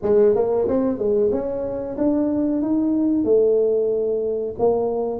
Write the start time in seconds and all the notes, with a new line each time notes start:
0.02 G#3
0.35 A#3
0.68 C4
0.98 G#3
1.31 C#4
1.97 D4
2.62 D#4
3.24 A3
4.58 A#3